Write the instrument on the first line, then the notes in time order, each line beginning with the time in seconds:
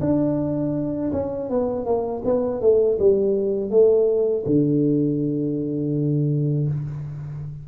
tuba
0.00 D4
1.12 C#4
1.49 B3
1.85 A#3
2.24 B3
2.61 A3
2.99 G3
3.70 A3
4.45 D3